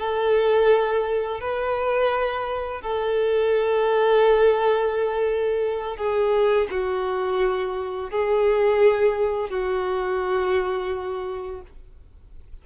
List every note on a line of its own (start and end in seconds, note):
0.00 1.41 A4
1.41 2.82 B4
2.82 5.97 A4
5.97 6.68 G#4
6.71 8.11 F#4
8.11 9.50 G#4
9.50 11.62 F#4